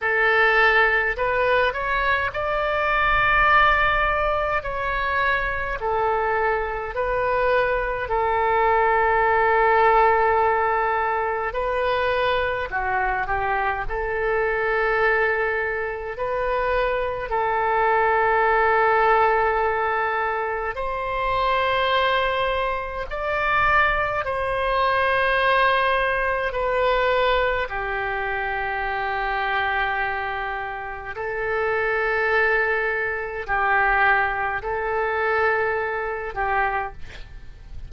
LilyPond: \new Staff \with { instrumentName = "oboe" } { \time 4/4 \tempo 4 = 52 a'4 b'8 cis''8 d''2 | cis''4 a'4 b'4 a'4~ | a'2 b'4 fis'8 g'8 | a'2 b'4 a'4~ |
a'2 c''2 | d''4 c''2 b'4 | g'2. a'4~ | a'4 g'4 a'4. g'8 | }